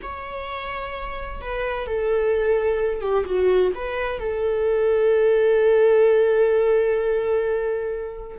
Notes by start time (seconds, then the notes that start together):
0.02 C#5
1.41 B4
1.86 A4
3.01 G4
3.25 F#4
3.74 B4
4.19 A4